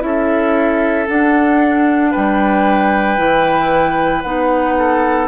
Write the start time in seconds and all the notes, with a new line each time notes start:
0.00 C#4 E4 A4 E5
1.07 D4 F#5
2.11 G3 B4 G5
3.18 E3 E4
4.22 B3 D#4 F#5
4.78 A4